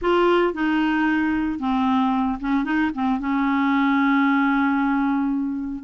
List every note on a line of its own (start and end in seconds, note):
0.01 0.53 F4
0.53 1.59 D#4
1.59 2.38 C4
2.40 2.64 C#4
2.64 2.90 D#4
2.94 3.19 C4
3.19 5.84 C#4